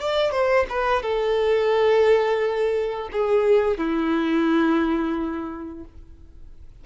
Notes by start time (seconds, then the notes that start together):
0.00 D5
0.32 C5
0.69 B4
1.02 A4
3.12 G#4
3.77 E4